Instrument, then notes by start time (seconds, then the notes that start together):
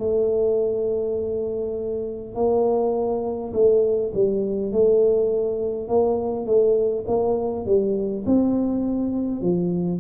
tuba
0.00 A3
2.35 A#3
3.54 A3
4.14 G3
4.72 A3
5.89 A#3
6.47 A3
7.07 A#3
7.66 G3
8.27 C4
9.42 F3